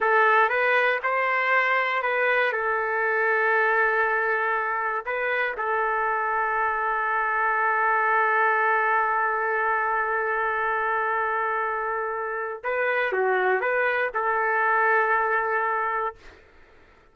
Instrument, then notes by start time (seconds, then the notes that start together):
trumpet
0.00 A4
0.49 B4
1.03 C5
2.02 B4
2.52 A4
5.05 B4
5.57 A4
12.63 B4
13.12 F#4
13.60 B4
14.14 A4